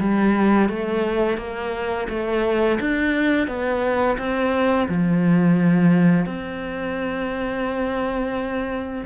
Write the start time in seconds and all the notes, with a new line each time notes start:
0.00 G3
0.69 A3
1.38 A#3
2.10 A3
2.81 D4
3.48 B3
4.19 C4
4.89 F3
6.26 C4